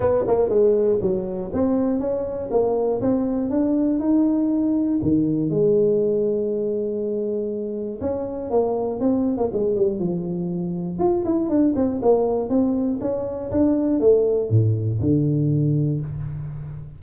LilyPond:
\new Staff \with { instrumentName = "tuba" } { \time 4/4 \tempo 4 = 120 b8 ais8 gis4 fis4 c'4 | cis'4 ais4 c'4 d'4 | dis'2 dis4 gis4~ | gis1 |
cis'4 ais4 c'8. ais16 gis8 g8 | f2 f'8 e'8 d'8 c'8 | ais4 c'4 cis'4 d'4 | a4 a,4 d2 | }